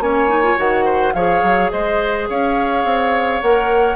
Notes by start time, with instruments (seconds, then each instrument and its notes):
0.00 bassoon A#3, clarinet C#4, oboe C#5, flute G#5
0.29 clarinet D#4
0.44 clarinet F4
0.58 bassoon D#3, clarinet F#4, flute F#5
0.85 oboe C5
1.14 bassoon F3, clarinet G#4, oboe C#5, flute F5
1.43 bassoon F#3
1.71 bassoon G#3, oboe C5, flute D#5
2.30 bassoon C#4, oboe C#5, flute F5
2.85 bassoon C4
3.42 bassoon A#3, clarinet A#4, flute F#5